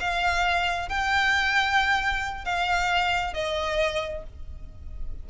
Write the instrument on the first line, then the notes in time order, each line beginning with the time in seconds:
violin
0.00 F5
0.89 G5
2.45 F5
3.34 D#5